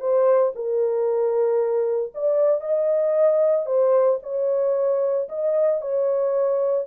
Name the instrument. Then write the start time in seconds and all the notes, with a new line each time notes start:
horn
0.00 C5
0.55 A#4
2.14 D5
2.61 D#5
3.66 C5
4.23 C#5
5.29 D#5
5.81 C#5